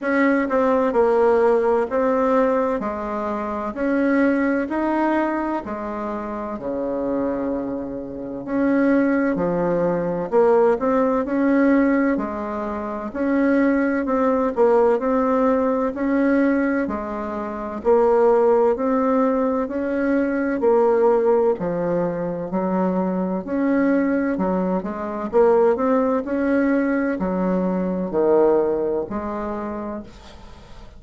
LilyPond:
\new Staff \with { instrumentName = "bassoon" } { \time 4/4 \tempo 4 = 64 cis'8 c'8 ais4 c'4 gis4 | cis'4 dis'4 gis4 cis4~ | cis4 cis'4 f4 ais8 c'8 | cis'4 gis4 cis'4 c'8 ais8 |
c'4 cis'4 gis4 ais4 | c'4 cis'4 ais4 f4 | fis4 cis'4 fis8 gis8 ais8 c'8 | cis'4 fis4 dis4 gis4 | }